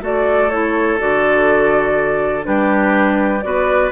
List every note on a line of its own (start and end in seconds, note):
0.00 0.98 A3
0.00 0.49 F#4
0.00 2.46 A4
0.00 0.49 D5
0.49 0.98 E4
0.49 0.98 C#5
0.98 2.47 D3
0.98 2.42 F#4
0.98 2.45 D5
2.42 3.43 G3
2.42 3.39 D4
2.42 3.44 G4
2.42 3.41 B4
3.41 3.91 B3
3.41 3.91 F#4
3.41 3.91 B4
3.41 3.90 D5